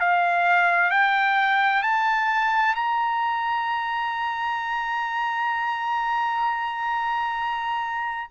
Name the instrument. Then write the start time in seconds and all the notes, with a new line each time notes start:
trumpet
0.00 F5
0.91 G5
1.83 A5
2.75 A#5